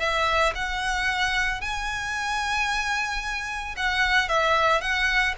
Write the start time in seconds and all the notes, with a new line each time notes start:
0.00 E5
0.56 F#5
1.62 G#5
3.77 F#5
4.29 E5
4.81 F#5